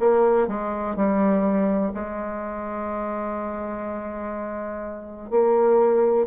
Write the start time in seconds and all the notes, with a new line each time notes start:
0.00 A#3
0.48 G#3
0.96 G3
1.94 G#3
5.31 A#3